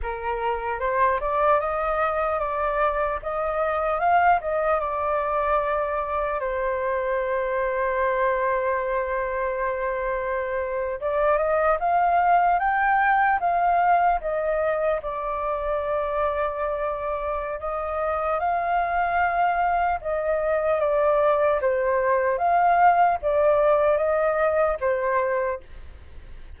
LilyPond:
\new Staff \with { instrumentName = "flute" } { \time 4/4 \tempo 4 = 75 ais'4 c''8 d''8 dis''4 d''4 | dis''4 f''8 dis''8 d''2 | c''1~ | c''4.~ c''16 d''8 dis''8 f''4 g''16~ |
g''8. f''4 dis''4 d''4~ d''16~ | d''2 dis''4 f''4~ | f''4 dis''4 d''4 c''4 | f''4 d''4 dis''4 c''4 | }